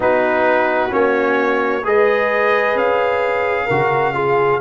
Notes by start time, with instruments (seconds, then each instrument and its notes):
0.00 tuba B3, trombone D#4, horn F#4, trumpet B4
0.89 tuba A#3, trombone C#4, trumpet C#5
1.84 tuba G#3, trombone G#4, horn B4, trumpet D#5
2.74 tuba C#4, trumpet F5
3.65 tuba C#3, trombone F#4, horn A#4
4.14 trombone F4, horn G#4